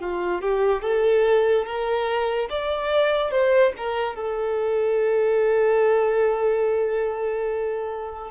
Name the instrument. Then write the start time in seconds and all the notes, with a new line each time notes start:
violin
0.00 F4
0.42 G4
0.83 A4
1.66 A#4
2.50 D5
3.31 C5
3.77 A#4
4.16 A4